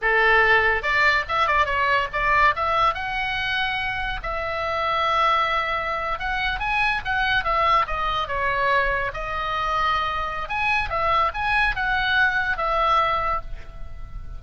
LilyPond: \new Staff \with { instrumentName = "oboe" } { \time 4/4 \tempo 4 = 143 a'2 d''4 e''8 d''8 | cis''4 d''4 e''4 fis''4~ | fis''2 e''2~ | e''2~ e''8. fis''4 gis''16~ |
gis''8. fis''4 e''4 dis''4 cis''16~ | cis''4.~ cis''16 dis''2~ dis''16~ | dis''4 gis''4 e''4 gis''4 | fis''2 e''2 | }